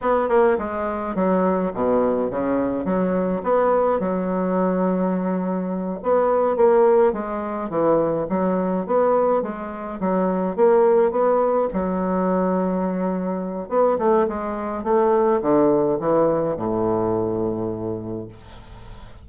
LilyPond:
\new Staff \with { instrumentName = "bassoon" } { \time 4/4 \tempo 4 = 105 b8 ais8 gis4 fis4 b,4 | cis4 fis4 b4 fis4~ | fis2~ fis8 b4 ais8~ | ais8 gis4 e4 fis4 b8~ |
b8 gis4 fis4 ais4 b8~ | b8 fis2.~ fis8 | b8 a8 gis4 a4 d4 | e4 a,2. | }